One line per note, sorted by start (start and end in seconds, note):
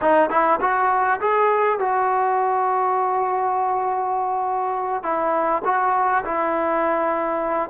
0.01 0.30 D#4
0.30 0.59 E4
0.60 1.20 F#4
1.20 1.79 G#4
1.79 5.03 F#4
5.03 5.62 E4
5.64 6.24 F#4
6.24 7.69 E4